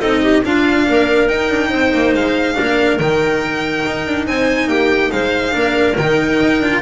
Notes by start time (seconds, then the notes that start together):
0.00 C4 D#4 A4 D#5
0.22 G4
0.44 D4 F4 F5
0.87 A#3 A#4
1.27 D#4 G5
1.50 D4
1.70 C4 C5
1.93 A#3
2.14 G#3 F5
2.54 A#3 D4 A#4
2.98 D#3 D#4 G5
3.85 D#4
4.06 D4
4.27 C4 C5 G#5
4.67 A#3 G4 G5
5.11 G#3 C5 F5
5.51 A#3 D4
5.58 A#4
5.97 D#3 D#4 G5
6.41 D#4
6.59 D4 F4